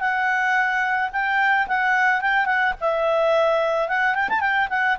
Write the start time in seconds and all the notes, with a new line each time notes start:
0.00 F#5
1.12 G5
1.67 F#5
2.21 G5
2.46 F#5
2.80 E5
3.89 F#5
4.15 G5
4.29 A5
4.41 G5
4.70 F#5